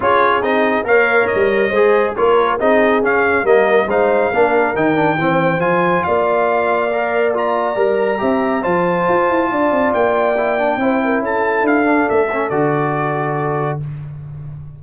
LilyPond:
<<
  \new Staff \with { instrumentName = "trumpet" } { \time 4/4 \tempo 4 = 139 cis''4 dis''4 f''4 dis''4~ | dis''4 cis''4 dis''4 f''4 | dis''4 f''2 g''4~ | g''4 gis''4 f''2~ |
f''4 ais''2. | a''2. g''4~ | g''2 a''4 f''4 | e''4 d''2. | }
  \new Staff \with { instrumentName = "horn" } { \time 4/4 gis'2 cis''2 | c''4 ais'4 gis'2 | ais'4 c''4 ais'2 | c''2 d''2~ |
d''2. e''4 | c''2 d''2~ | d''4 c''8 ais'8 a'2~ | a'1 | }
  \new Staff \with { instrumentName = "trombone" } { \time 4/4 f'4 dis'4 ais'2 | gis'4 f'4 dis'4 cis'4 | ais4 dis'4 d'4 dis'8 d'8 | c'4 f'2. |
ais'4 f'4 ais'4 g'4 | f'1 | e'8 d'8 e'2~ e'8 d'8~ | d'8 cis'8 fis'2. | }
  \new Staff \with { instrumentName = "tuba" } { \time 4/4 cis'4 c'4 ais4 g4 | gis4 ais4 c'4 cis'4 | g4 gis4 ais4 dis4 | e4 f4 ais2~ |
ais2 g4 c'4 | f4 f'8 e'8 d'8 c'8 ais4~ | ais4 c'4 cis'4 d'4 | a4 d2. | }
>>